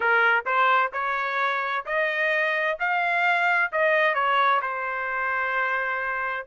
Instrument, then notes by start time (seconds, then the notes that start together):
trumpet
0.00 A#4
0.45 C5
0.92 C#5
1.85 D#5
2.79 F5
3.72 D#5
4.14 C#5
4.62 C5